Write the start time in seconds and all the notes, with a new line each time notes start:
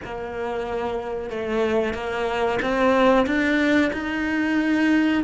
0.04 A#3
1.30 A3
1.94 A#3
2.62 C4
3.26 D4
3.92 D#4